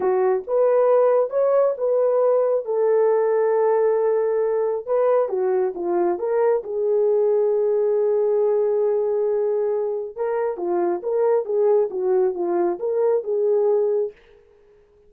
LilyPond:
\new Staff \with { instrumentName = "horn" } { \time 4/4 \tempo 4 = 136 fis'4 b'2 cis''4 | b'2 a'2~ | a'2. b'4 | fis'4 f'4 ais'4 gis'4~ |
gis'1~ | gis'2. ais'4 | f'4 ais'4 gis'4 fis'4 | f'4 ais'4 gis'2 | }